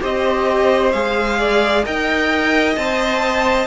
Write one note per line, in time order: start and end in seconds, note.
0.00 0.93 C4
0.00 0.92 G4
0.00 1.39 C5
0.00 0.92 D#5
0.92 1.86 G#3
0.92 1.85 G#4
0.92 1.84 F5
1.39 1.85 D5
1.85 2.77 D#4
1.85 2.77 A#4
1.85 3.66 D#5
1.85 2.76 G5
2.76 3.66 C4
2.76 3.66 C5
2.76 3.66 A5